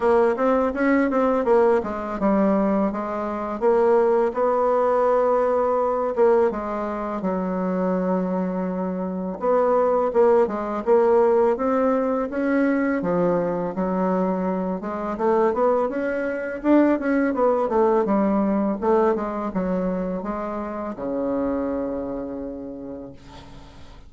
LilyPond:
\new Staff \with { instrumentName = "bassoon" } { \time 4/4 \tempo 4 = 83 ais8 c'8 cis'8 c'8 ais8 gis8 g4 | gis4 ais4 b2~ | b8 ais8 gis4 fis2~ | fis4 b4 ais8 gis8 ais4 |
c'4 cis'4 f4 fis4~ | fis8 gis8 a8 b8 cis'4 d'8 cis'8 | b8 a8 g4 a8 gis8 fis4 | gis4 cis2. | }